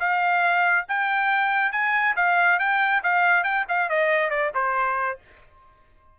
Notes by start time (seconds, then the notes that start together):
0.00 F5
0.89 G5
1.72 G#5
2.17 F5
2.60 G5
3.04 F5
3.44 G5
3.69 F5
3.90 D#5
4.31 D5
4.55 C5